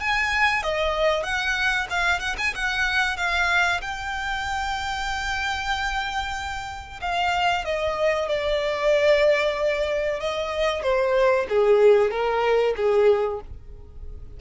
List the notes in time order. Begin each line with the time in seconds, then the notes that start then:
0.00 G#5
0.63 D#5
1.23 F#5
1.90 F5
2.20 F#5
2.38 G#5
2.55 F#5
3.17 F5
3.82 G5
7.01 F5
7.65 D#5
8.28 D5
10.20 D#5
10.82 C5
11.49 G#4
12.11 A#4
12.77 G#4